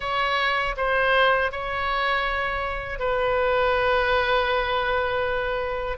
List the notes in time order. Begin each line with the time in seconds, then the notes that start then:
0.00 C#5
0.77 C5
1.51 C#5
2.99 B4